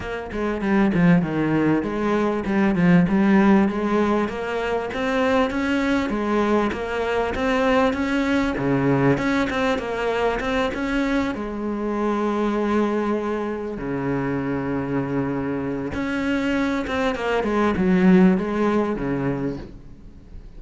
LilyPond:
\new Staff \with { instrumentName = "cello" } { \time 4/4 \tempo 4 = 98 ais8 gis8 g8 f8 dis4 gis4 | g8 f8 g4 gis4 ais4 | c'4 cis'4 gis4 ais4 | c'4 cis'4 cis4 cis'8 c'8 |
ais4 c'8 cis'4 gis4.~ | gis2~ gis8 cis4.~ | cis2 cis'4. c'8 | ais8 gis8 fis4 gis4 cis4 | }